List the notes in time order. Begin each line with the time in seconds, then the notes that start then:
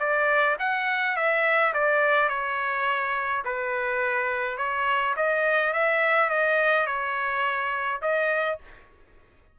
0.00 D5
0.59 F#5
1.17 E5
1.74 D5
2.29 C#5
3.45 B4
4.58 C#5
5.17 D#5
5.74 E5
6.30 D#5
6.87 C#5
8.02 D#5